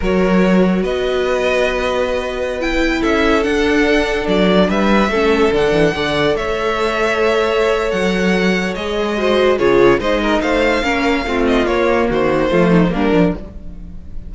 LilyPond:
<<
  \new Staff \with { instrumentName = "violin" } { \time 4/4 \tempo 4 = 144 cis''2 dis''2~ | dis''2~ dis''16 g''4 e''8.~ | e''16 fis''2 d''4 e''8.~ | e''4~ e''16 fis''2 e''8.~ |
e''2. fis''4~ | fis''4 dis''2 cis''4 | dis''4 f''2~ f''8 dis''8 | cis''4 c''2 ais'4 | }
  \new Staff \with { instrumentName = "violin" } { \time 4/4 ais'2 b'2~ | b'2.~ b'16 a'8.~ | a'2.~ a'16 b'8.~ | b'16 a'2 d''4 cis''8.~ |
cis''1~ | cis''2 c''4 gis'4 | c''8 ais'8 c''4 ais'4 f'4~ | f'4 fis'4 f'8 dis'8 d'4 | }
  \new Staff \with { instrumentName = "viola" } { \time 4/4 fis'1~ | fis'2~ fis'16 e'4.~ e'16~ | e'16 d'2.~ d'8.~ | d'16 cis'4 d'4 a'4.~ a'16~ |
a'1~ | a'4 gis'4 fis'4 f'4 | dis'2 cis'4 c'4 | ais2 a4 ais8 d'8 | }
  \new Staff \with { instrumentName = "cello" } { \time 4/4 fis2 b2~ | b2.~ b16 cis'8.~ | cis'16 d'2 fis4 g8.~ | g16 a4 d8 e8 d4 a8.~ |
a2. fis4~ | fis4 gis2 cis4 | gis4 a4 ais4 a4 | ais4 dis4 f4 g8 f8 | }
>>